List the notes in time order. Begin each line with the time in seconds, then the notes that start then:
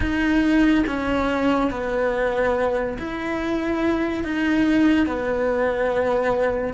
0.00 D#4
0.86 C#4
1.71 B3
2.98 E4
4.24 D#4
5.06 B3